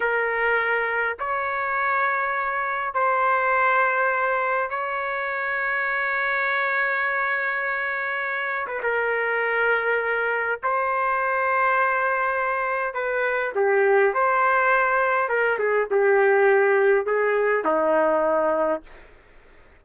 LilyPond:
\new Staff \with { instrumentName = "trumpet" } { \time 4/4 \tempo 4 = 102 ais'2 cis''2~ | cis''4 c''2. | cis''1~ | cis''2~ cis''8. b'16 ais'4~ |
ais'2 c''2~ | c''2 b'4 g'4 | c''2 ais'8 gis'8 g'4~ | g'4 gis'4 dis'2 | }